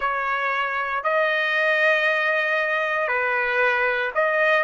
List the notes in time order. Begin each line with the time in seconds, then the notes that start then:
0.00 C#5
1.03 D#5
3.08 B4
4.14 D#5